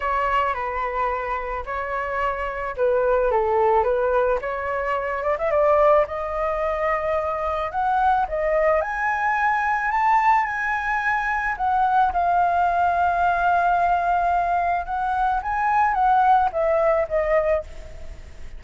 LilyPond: \new Staff \with { instrumentName = "flute" } { \time 4/4 \tempo 4 = 109 cis''4 b'2 cis''4~ | cis''4 b'4 a'4 b'4 | cis''4. d''16 e''16 d''4 dis''4~ | dis''2 fis''4 dis''4 |
gis''2 a''4 gis''4~ | gis''4 fis''4 f''2~ | f''2. fis''4 | gis''4 fis''4 e''4 dis''4 | }